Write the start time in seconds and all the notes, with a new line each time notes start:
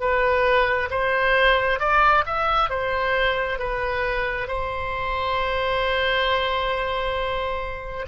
0.00 B4
0.90 C5
1.80 D5
2.26 E5
2.69 C5
3.59 B4
4.48 C5